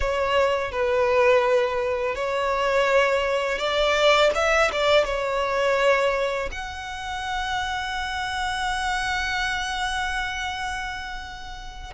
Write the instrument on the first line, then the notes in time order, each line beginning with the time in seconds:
violin
0.00 C#5
0.71 B4
2.15 C#5
3.58 D5
4.34 E5
4.72 D5
5.04 C#5
6.51 F#5